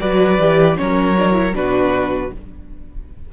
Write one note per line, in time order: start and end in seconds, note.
0.00 0.39 F#3
0.00 0.38 F#4
0.00 0.78 B4
0.00 0.77 D5
0.39 0.77 E3
0.39 0.77 G4
0.77 1.54 F#3
0.77 1.15 C#4
0.77 1.56 A#4
0.77 1.55 C#5
1.18 1.33 D4
1.33 1.52 E4
1.54 2.31 B2
1.54 2.31 D4
1.54 2.33 F#4
1.54 2.32 B4